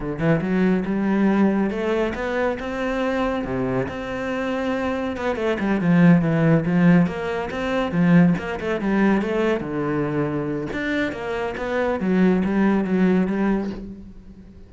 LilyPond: \new Staff \with { instrumentName = "cello" } { \time 4/4 \tempo 4 = 140 d8 e8 fis4 g2 | a4 b4 c'2 | c4 c'2. | b8 a8 g8 f4 e4 f8~ |
f8 ais4 c'4 f4 ais8 | a8 g4 a4 d4.~ | d4 d'4 ais4 b4 | fis4 g4 fis4 g4 | }